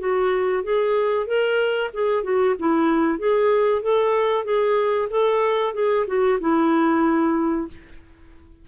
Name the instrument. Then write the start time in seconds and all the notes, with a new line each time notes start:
clarinet
0.00 F#4
0.64 G#4
1.27 A#4
1.94 G#4
2.24 F#4
2.59 E4
3.19 G#4
3.82 A4
4.45 G#4
5.11 A4
5.74 G#4
6.07 F#4
6.40 E4